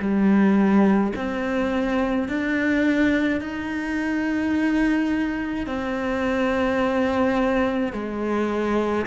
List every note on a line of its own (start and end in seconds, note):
0.00 1.13 G3
1.16 2.28 C4
2.28 3.41 D4
3.41 5.67 D#4
5.67 7.93 C4
7.93 9.06 G#3